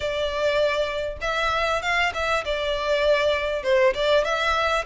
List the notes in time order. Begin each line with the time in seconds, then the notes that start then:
0.00 D5
1.21 E5
1.82 F5
2.13 E5
2.44 D5
3.63 C5
3.94 D5
4.24 E5